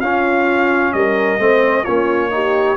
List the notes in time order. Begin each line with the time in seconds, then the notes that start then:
0.00 C#4 F4 F5
0.92 G3 A#4 D#5
1.39 A3 C4 C5
1.83 A#3 C#4 F4 C#5
2.30 D#4 G4